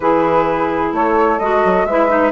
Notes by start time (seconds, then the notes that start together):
0.00 E3 E4 G#4 B4
0.92 A3 A4 C#5
1.39 G#3 F#4 D#5
1.65 F#3
1.85 G#3 E4 B4 E5
2.08 D#4